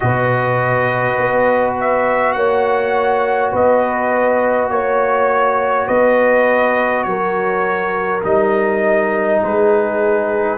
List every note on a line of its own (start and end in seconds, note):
0.00 1.17 B2
0.00 8.21 F#4
0.00 2.36 B4
0.00 1.74 D#5
1.17 2.35 B3
1.80 2.33 E5
2.33 3.52 A#3
2.33 3.52 C#5
2.33 3.50 F#5
3.52 4.69 B3
3.52 4.70 B4
3.52 4.69 D#5
4.69 5.87 A#3
4.69 5.87 C#5
5.87 7.05 B3
5.87 7.04 B4
5.87 7.03 D#5
7.03 8.23 F#3
7.03 9.42 A#4
7.03 8.21 C#5
8.23 9.41 G3
8.23 10.57 D#4
8.23 9.42 D#5
9.42 10.57 G#3
9.42 10.57 G#4
9.42 10.57 B4